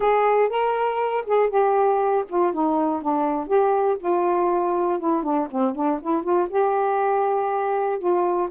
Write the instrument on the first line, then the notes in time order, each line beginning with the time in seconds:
saxophone
0.00 G#4
0.49 A#4
1.26 G#4
1.49 G4
2.28 F4
2.53 D#4
3.01 D4
3.47 G4
3.99 F4
4.99 E4
5.22 D4
5.50 C4
5.75 D4
6.01 E4
6.23 F4
6.49 G4
7.98 F4